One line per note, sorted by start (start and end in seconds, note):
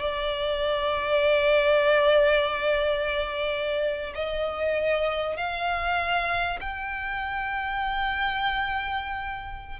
0.00 4.13 D5
4.14 5.37 D#5
5.37 6.59 F5
6.61 9.80 G5